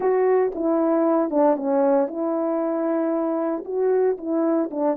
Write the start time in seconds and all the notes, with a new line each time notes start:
0.00 F#4
0.55 E4
1.30 D4
1.56 C#4
2.07 E4
3.65 F#4
4.17 E4
4.70 D4